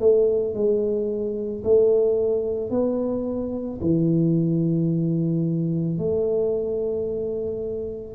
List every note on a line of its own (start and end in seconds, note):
0.00 0.54 A3
0.54 1.63 G#3
1.64 2.70 A3
2.70 3.79 B3
3.81 5.98 E3
5.98 8.15 A3